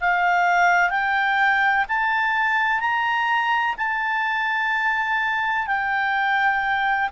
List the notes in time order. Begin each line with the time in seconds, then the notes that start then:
0.00 F5
0.90 G5
1.88 A5
2.80 A#5
3.77 A5
5.67 G5